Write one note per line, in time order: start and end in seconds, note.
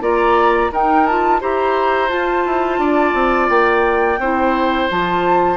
0.00 0.70 A#3
0.00 0.70 F4
0.00 0.71 D5
0.00 0.72 A#5
0.71 1.06 D#4
0.71 1.41 D#4
0.71 1.40 A#4
0.71 1.06 G5
1.06 1.40 F4
1.06 1.41 A5
1.40 2.10 E4
1.40 2.08 G4
1.40 2.80 C5
1.40 2.09 A#5
2.08 4.18 F4
2.08 2.45 F4
2.08 3.49 A5
2.45 2.78 E4
2.78 3.13 D4
2.78 4.19 D5
3.13 3.48 C4
3.49 4.18 A#3
3.49 4.88 G5
4.18 4.88 C4
4.18 4.90 E4
4.18 5.56 C5
4.90 5.56 F3
4.90 5.56 F4
4.90 5.56 A5